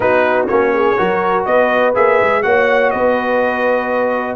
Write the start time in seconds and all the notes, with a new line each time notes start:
0.00 B3 D#4 F#4 B4
0.47 A#3 C#4 C#5
0.73 G#4
0.97 F#3 F#4 A#4
1.45 B3 B4 D#5
1.94 A#3 G#4 E5
2.21 G#3
2.42 A#3 F#4 C#5 F#5
2.90 B3 B4 D#5